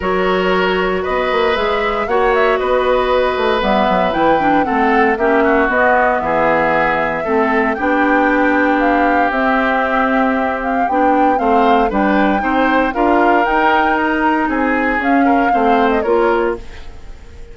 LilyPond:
<<
  \new Staff \with { instrumentName = "flute" } { \time 4/4 \tempo 4 = 116 cis''2 dis''4 e''4 | fis''8 e''8 dis''2 e''4 | g''4 fis''4 e''4 dis''4 | e''2. g''4~ |
g''4 f''4 e''2~ | e''8 f''8 g''4 f''4 g''4~ | g''4 f''4 g''4 ais''4 | gis''4 f''4.~ f''16 dis''16 cis''4 | }
  \new Staff \with { instrumentName = "oboe" } { \time 4/4 ais'2 b'2 | cis''4 b'2.~ | b'4 a'4 g'8 fis'4. | gis'2 a'4 g'4~ |
g'1~ | g'2 c''4 b'4 | c''4 ais'2. | gis'4. ais'8 c''4 ais'4 | }
  \new Staff \with { instrumentName = "clarinet" } { \time 4/4 fis'2. gis'4 | fis'2. b4 | e'8 d'8 c'4 cis'4 b4~ | b2 c'4 d'4~ |
d'2 c'2~ | c'4 d'4 c'4 d'4 | dis'4 f'4 dis'2~ | dis'4 cis'4 c'4 f'4 | }
  \new Staff \with { instrumentName = "bassoon" } { \time 4/4 fis2 b8 ais8 gis4 | ais4 b4. a8 g8 fis8 | e4 a4 ais4 b4 | e2 a4 b4~ |
b2 c'2~ | c'4 b4 a4 g4 | c'4 d'4 dis'2 | c'4 cis'4 a4 ais4 | }
>>